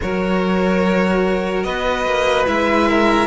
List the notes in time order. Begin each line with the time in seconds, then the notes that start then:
0.01 F#3 F#4 A#4 C#5
1.63 B3 B4 D#5
2.05 A#3
2.45 G#3 E4 E5
2.88 A#4